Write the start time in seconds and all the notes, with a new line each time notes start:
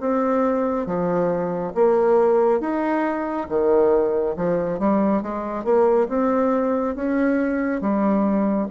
0.00 C4
0.86 F3
1.74 A#3
2.60 D#4
3.49 D#3
4.36 F3
4.79 G3
5.22 G#3
5.64 A#3
6.08 C4
6.95 C#4
7.81 G3